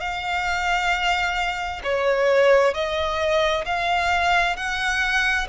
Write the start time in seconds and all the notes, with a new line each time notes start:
0.00 F5
1.84 C#5
2.74 D#5
3.65 F5
4.56 F#5